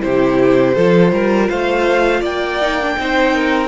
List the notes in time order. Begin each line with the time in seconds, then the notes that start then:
0.00 C3 E4 G4 C5
0.75 F3 F4 A4
1.11 G3 A#4
1.48 A3 C5 F5
2.20 A#3 D5 G5
2.61 D#4
2.81 D4
2.98 C4 D#4 C5
3.35 A#4